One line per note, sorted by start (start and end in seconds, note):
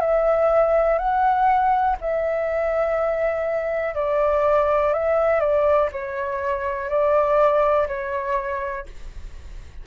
0.00 0.98 E5
0.98 1.96 F#5
2.00 3.95 E5
3.95 4.93 D5
4.93 5.40 E5
5.40 5.89 D5
5.92 6.89 C#5
6.89 7.87 D5
7.87 8.86 C#5